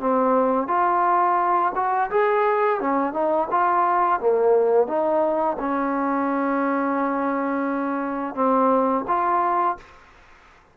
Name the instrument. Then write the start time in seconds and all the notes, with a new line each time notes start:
trombone
0.00 C4
0.68 F4
1.75 F#4
2.10 G#4
2.80 C#4
3.13 D#4
3.50 F4
4.20 A#3
4.87 D#4
5.59 C#4
8.35 C4
9.07 F4